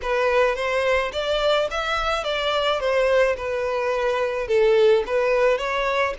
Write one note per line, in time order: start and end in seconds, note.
0.02 0.55 B4
0.55 1.11 C5
1.12 1.68 D5
1.70 2.24 E5
2.24 2.80 D5
2.80 3.36 C5
3.36 4.47 B4
4.47 5.03 A4
5.06 5.58 B4
5.58 6.14 C#5